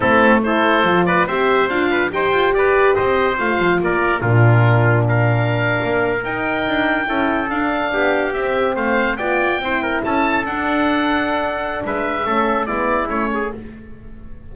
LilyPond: <<
  \new Staff \with { instrumentName = "oboe" } { \time 4/4 \tempo 4 = 142 a'4 c''4. d''8 e''4 | f''4 g''4 d''4 dis''4 | f''4 d''4 ais'2 | f''2~ f''8. g''4~ g''16~ |
g''4.~ g''16 f''2 e''16~ | e''8. f''4 g''2 a''16~ | a''8. fis''2.~ fis''16 | e''2 d''4 cis''4 | }
  \new Staff \with { instrumentName = "trumpet" } { \time 4/4 e'4 a'4. b'8 c''4~ | c''8 b'8 c''4 b'4 c''4~ | c''4 ais'4 f'2 | ais'1~ |
ais'8. a'2 g'4~ g'16~ | g'8. c''4 d''4 c''8 ais'8 a'16~ | a'1 | b'4 a'4 e'4. gis'8 | }
  \new Staff \with { instrumentName = "horn" } { \time 4/4 c'4 e'4 f'4 g'4 | f'4 g'2. | f'2 d'2~ | d'2~ d'8. dis'4~ dis'16~ |
dis'8. e'4 d'2 c'16~ | c'4.~ c'16 f'4 e'4~ e'16~ | e'8. d'2.~ d'16~ | d'4 cis'4 b4 cis'4 | }
  \new Staff \with { instrumentName = "double bass" } { \time 4/4 a2 f4 c'4 | d'4 dis'8 f'8 g'4 c'4 | a8 f8 ais4 ais,2~ | ais,4.~ ais,16 ais4 dis'4 d'16~ |
d'8. cis'4 d'4 b4 c'16~ | c'8. a4 b4 c'4 cis'16~ | cis'8. d'2.~ d'16 | gis4 a4 gis4 a4 | }
>>